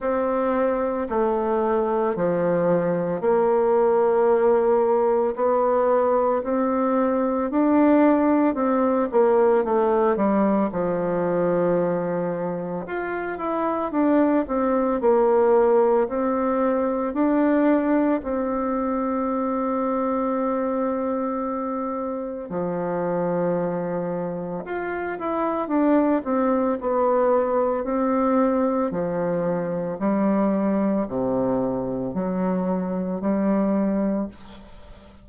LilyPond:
\new Staff \with { instrumentName = "bassoon" } { \time 4/4 \tempo 4 = 56 c'4 a4 f4 ais4~ | ais4 b4 c'4 d'4 | c'8 ais8 a8 g8 f2 | f'8 e'8 d'8 c'8 ais4 c'4 |
d'4 c'2.~ | c'4 f2 f'8 e'8 | d'8 c'8 b4 c'4 f4 | g4 c4 fis4 g4 | }